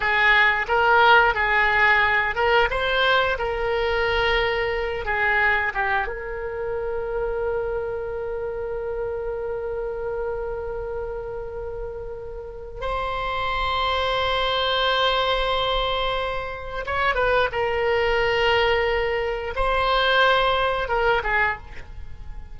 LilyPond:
\new Staff \with { instrumentName = "oboe" } { \time 4/4 \tempo 4 = 89 gis'4 ais'4 gis'4. ais'8 | c''4 ais'2~ ais'8 gis'8~ | gis'8 g'8 ais'2.~ | ais'1~ |
ais'2. c''4~ | c''1~ | c''4 cis''8 b'8 ais'2~ | ais'4 c''2 ais'8 gis'8 | }